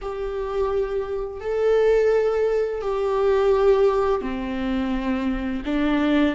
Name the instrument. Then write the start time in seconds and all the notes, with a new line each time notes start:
viola
0.01 G4
1.40 A4
2.81 G4
4.21 C4
5.65 D4